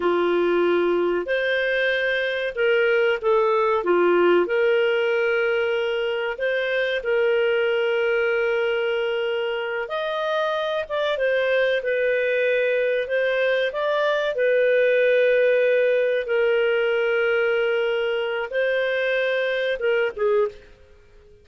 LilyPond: \new Staff \with { instrumentName = "clarinet" } { \time 4/4 \tempo 4 = 94 f'2 c''2 | ais'4 a'4 f'4 ais'4~ | ais'2 c''4 ais'4~ | ais'2.~ ais'8 dis''8~ |
dis''4 d''8 c''4 b'4.~ | b'8 c''4 d''4 b'4.~ | b'4. ais'2~ ais'8~ | ais'4 c''2 ais'8 gis'8 | }